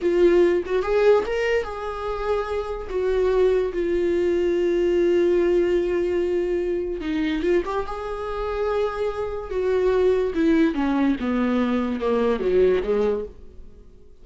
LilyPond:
\new Staff \with { instrumentName = "viola" } { \time 4/4 \tempo 4 = 145 f'4. fis'8 gis'4 ais'4 | gis'2. fis'4~ | fis'4 f'2.~ | f'1~ |
f'4 dis'4 f'8 g'8 gis'4~ | gis'2. fis'4~ | fis'4 e'4 cis'4 b4~ | b4 ais4 fis4 gis4 | }